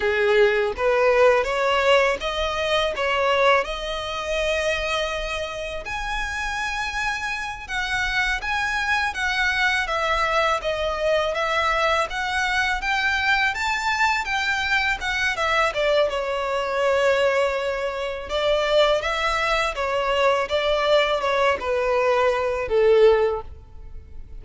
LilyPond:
\new Staff \with { instrumentName = "violin" } { \time 4/4 \tempo 4 = 82 gis'4 b'4 cis''4 dis''4 | cis''4 dis''2. | gis''2~ gis''8 fis''4 gis''8~ | gis''8 fis''4 e''4 dis''4 e''8~ |
e''8 fis''4 g''4 a''4 g''8~ | g''8 fis''8 e''8 d''8 cis''2~ | cis''4 d''4 e''4 cis''4 | d''4 cis''8 b'4. a'4 | }